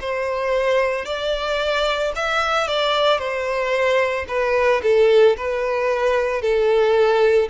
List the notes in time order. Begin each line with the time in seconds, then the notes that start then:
0.00 C5
1.05 D5
2.15 E5
2.67 D5
3.18 C5
4.28 B4
4.83 A4
5.37 B4
6.41 A4